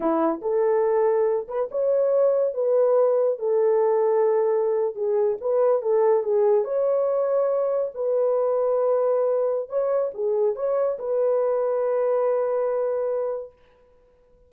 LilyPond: \new Staff \with { instrumentName = "horn" } { \time 4/4 \tempo 4 = 142 e'4 a'2~ a'8 b'8 | cis''2 b'2 | a'2.~ a'8. gis'16~ | gis'8. b'4 a'4 gis'4 cis''16~ |
cis''2~ cis''8. b'4~ b'16~ | b'2. cis''4 | gis'4 cis''4 b'2~ | b'1 | }